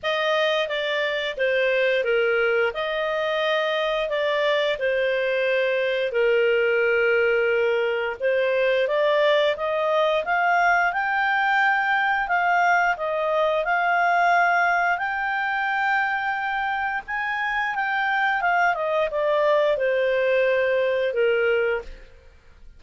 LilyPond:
\new Staff \with { instrumentName = "clarinet" } { \time 4/4 \tempo 4 = 88 dis''4 d''4 c''4 ais'4 | dis''2 d''4 c''4~ | c''4 ais'2. | c''4 d''4 dis''4 f''4 |
g''2 f''4 dis''4 | f''2 g''2~ | g''4 gis''4 g''4 f''8 dis''8 | d''4 c''2 ais'4 | }